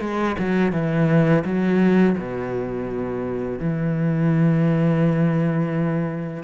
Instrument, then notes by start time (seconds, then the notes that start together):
cello
0.00 G#3
0.38 F#3
0.72 E3
1.45 F#3
2.18 B2
3.59 E3